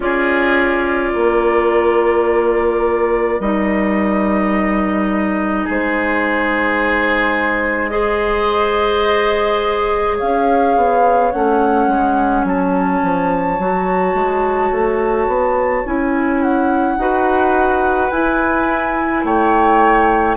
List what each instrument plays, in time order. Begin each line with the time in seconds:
0.00 bassoon C#4, clarinet F4, oboe G#4, flute D5
1.12 bassoon A#3, oboe A#4
3.39 bassoon G3, clarinet D#4, flute D#5
5.64 bassoon G#3, oboe G#4
5.70 flute C5
7.89 clarinet G#4, oboe C5, flute D#5
10.17 bassoon C#4, oboe C#5, flute F5
10.76 bassoon B3
11.31 bassoon A3, clarinet C#4, flute F#5
11.87 bassoon G#3
12.43 bassoon F#3, flute A5
13.03 bassoon F3
13.58 bassoon F#3, clarinet F#4
14.14 bassoon G#3
14.71 bassoon A3
15.27 bassoon B3
15.85 bassoon C#4, clarinet E4, flute G#5
16.42 flute F#5
16.97 bassoon D#4, clarinet F#4, oboe B4
18.10 bassoon E4, clarinet E4, flute G#5
19.24 bassoon A3, oboe C#5, flute G5